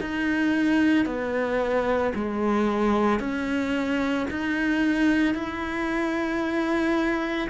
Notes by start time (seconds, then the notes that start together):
0.00 D#4
1.05 B3
2.14 G#3
3.19 C#4
4.31 D#4
5.34 E4